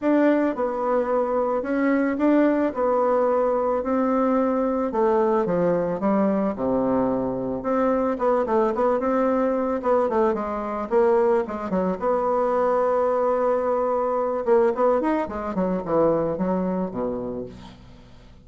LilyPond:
\new Staff \with { instrumentName = "bassoon" } { \time 4/4 \tempo 4 = 110 d'4 b2 cis'4 | d'4 b2 c'4~ | c'4 a4 f4 g4 | c2 c'4 b8 a8 |
b8 c'4. b8 a8 gis4 | ais4 gis8 fis8 b2~ | b2~ b8 ais8 b8 dis'8 | gis8 fis8 e4 fis4 b,4 | }